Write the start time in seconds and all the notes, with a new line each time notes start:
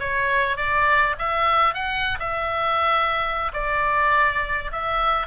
0.00 C#5
0.57 D5
1.18 E5
1.74 F#5
2.20 E5
3.53 D5
4.72 E5